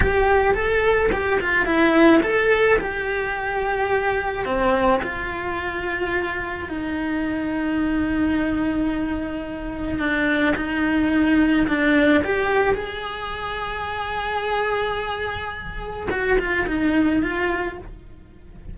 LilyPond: \new Staff \with { instrumentName = "cello" } { \time 4/4 \tempo 4 = 108 g'4 a'4 g'8 f'8 e'4 | a'4 g'2. | c'4 f'2. | dis'1~ |
dis'2 d'4 dis'4~ | dis'4 d'4 g'4 gis'4~ | gis'1~ | gis'4 fis'8 f'8 dis'4 f'4 | }